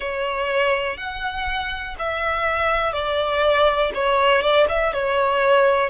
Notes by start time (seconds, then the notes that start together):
0.00 C#5
0.97 F#5
1.99 E5
2.92 D5
3.94 C#5
4.41 D5
4.69 E5
4.93 C#5